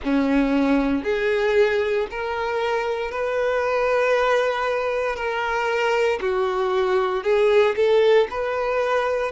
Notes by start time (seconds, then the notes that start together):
0.03 C#4
1.03 G#4
2.10 A#4
3.11 B4
5.15 A#4
6.21 F#4
7.23 G#4
7.76 A4
8.30 B4